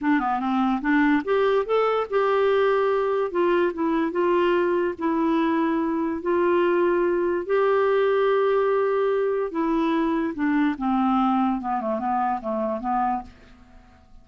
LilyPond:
\new Staff \with { instrumentName = "clarinet" } { \time 4/4 \tempo 4 = 145 d'8 b8 c'4 d'4 g'4 | a'4 g'2. | f'4 e'4 f'2 | e'2. f'4~ |
f'2 g'2~ | g'2. e'4~ | e'4 d'4 c'2 | b8 a8 b4 a4 b4 | }